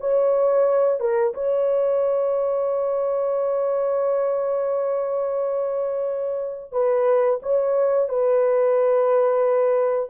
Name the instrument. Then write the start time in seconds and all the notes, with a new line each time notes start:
horn
0.00 C#5
1.00 A#4
1.34 C#5
6.72 B4
7.42 C#5
8.09 B4